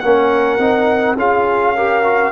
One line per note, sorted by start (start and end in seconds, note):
0.00 0.58 A#3
0.00 0.59 C#4
0.00 1.18 A#4
0.00 1.15 F#5
0.58 1.16 C4
0.58 1.17 D#4
1.16 2.32 C#4
1.16 1.76 F4
1.16 1.75 G#4
1.16 2.32 F5
1.75 2.04 G4
1.75 2.32 A#4
2.04 2.32 F#4